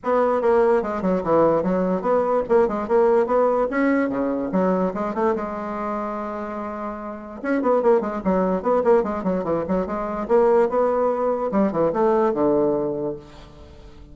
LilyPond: \new Staff \with { instrumentName = "bassoon" } { \time 4/4 \tempo 4 = 146 b4 ais4 gis8 fis8 e4 | fis4 b4 ais8 gis8 ais4 | b4 cis'4 cis4 fis4 | gis8 a8 gis2.~ |
gis2 cis'8 b8 ais8 gis8 | fis4 b8 ais8 gis8 fis8 e8 fis8 | gis4 ais4 b2 | g8 e8 a4 d2 | }